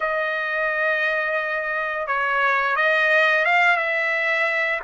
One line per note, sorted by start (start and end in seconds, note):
0.00 2.07 D#5
2.07 2.76 C#5
2.76 3.45 D#5
3.45 3.76 F5
3.76 4.80 E5